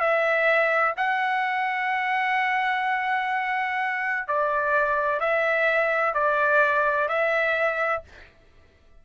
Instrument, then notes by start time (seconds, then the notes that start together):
trumpet
0.00 E5
0.97 F#5
4.28 D5
5.20 E5
6.14 D5
7.08 E5